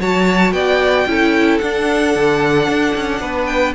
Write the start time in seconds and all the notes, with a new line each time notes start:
0.00 F#3 F#4 C#5 A5
0.52 B3 D5 G5
1.06 C#4 E4 A4
1.58 D4 F#5
2.16 D3
2.68 D4
2.96 C#4
3.21 B3 B4
3.46 G5